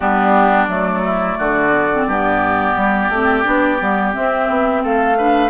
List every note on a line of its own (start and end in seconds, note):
0.00 0.68 G3
0.00 0.68 B3
0.00 1.02 D4
0.00 0.64 G4
0.64 1.36 F#3
0.64 1.71 A3
0.64 4.09 D5
1.05 1.38 E4
1.38 2.06 D3
1.38 2.07 F#4
1.72 1.89 B3
1.93 2.10 C4
2.06 2.75 G2
2.06 3.14 B3
2.06 4.83 G4
2.77 3.09 G3
3.09 3.43 A3
3.09 3.44 C4
3.44 3.81 B3
3.44 3.78 D4
3.79 4.15 G3
3.79 4.13 B3
4.13 5.16 C4
4.13 4.49 C4
4.13 4.83 E5
4.49 4.83 B3
4.83 5.49 A3
4.83 5.17 A4
4.83 5.49 F5
5.17 5.49 D4
5.17 5.49 B4